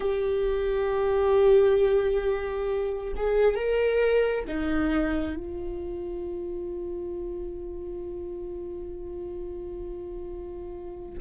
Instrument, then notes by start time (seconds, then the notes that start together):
viola
0.00 G4
3.15 G#4
3.55 A#4
4.47 D#4
5.36 F4